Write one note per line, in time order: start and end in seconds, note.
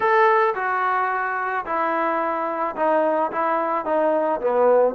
0.00 0.54 A4
0.55 1.65 F#4
1.65 2.75 E4
2.75 3.31 D#4
3.31 3.85 E4
3.85 4.40 D#4
4.40 4.94 B3